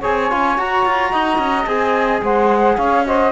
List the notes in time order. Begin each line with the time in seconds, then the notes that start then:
0.00 C4 G#4 C#5 G#5
0.30 C#4 F4
0.57 F#4 A#5
0.86 F4
1.12 D#4 D#5
1.38 C#4
1.67 C4 G#4 G#5
2.22 G#3 C5 F#5
2.77 C#4 C#5 F5
3.05 F#4 C5 D#5